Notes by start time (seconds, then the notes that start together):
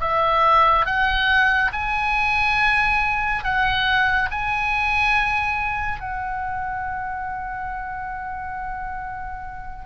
0.00 E5
0.85 F#5
1.72 G#5
3.43 F#5
4.31 G#5
6.00 F#5